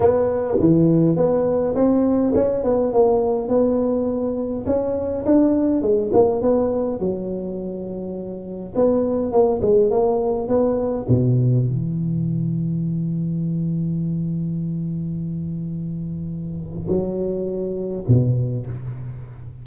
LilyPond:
\new Staff \with { instrumentName = "tuba" } { \time 4/4 \tempo 4 = 103 b4 e4 b4 c'4 | cis'8 b8 ais4 b2 | cis'4 d'4 gis8 ais8 b4 | fis2. b4 |
ais8 gis8 ais4 b4 b,4 | e1~ | e1~ | e4 fis2 b,4 | }